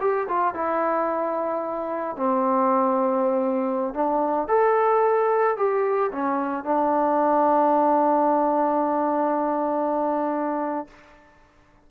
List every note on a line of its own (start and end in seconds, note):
0.00 0.27 G4
0.28 0.54 F4
0.54 2.16 E4
2.16 3.93 C4
3.93 4.48 D4
4.48 5.56 A4
5.56 6.11 G4
6.12 6.64 C#4
6.64 10.87 D4